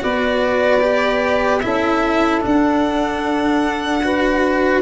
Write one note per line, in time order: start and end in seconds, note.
0.00 1.64 B3
0.00 0.80 F#4
0.00 1.62 B4
0.00 1.60 D5
0.80 1.60 G4
1.60 2.44 C#4
1.60 2.41 E4
1.60 4.02 A4
1.60 2.40 E5
2.41 4.01 D4
2.41 4.82 D4
2.41 4.82 F#5
4.03 4.82 F#4
4.03 4.82 B4